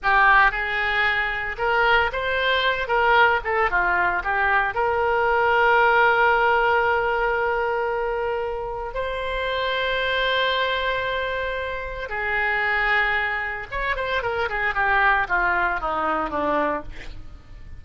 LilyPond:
\new Staff \with { instrumentName = "oboe" } { \time 4/4 \tempo 4 = 114 g'4 gis'2 ais'4 | c''4. ais'4 a'8 f'4 | g'4 ais'2.~ | ais'1~ |
ais'4 c''2.~ | c''2. gis'4~ | gis'2 cis''8 c''8 ais'8 gis'8 | g'4 f'4 dis'4 d'4 | }